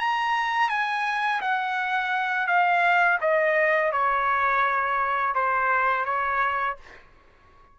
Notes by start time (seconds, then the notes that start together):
0.00 A#5
0.69 G#5
1.42 F#5
2.48 F5
3.21 D#5
3.93 C#5
5.35 C5
6.06 C#5